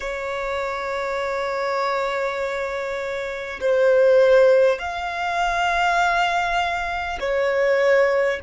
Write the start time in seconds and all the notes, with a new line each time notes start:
0.00 C#5
3.60 C5
4.78 F5
7.20 C#5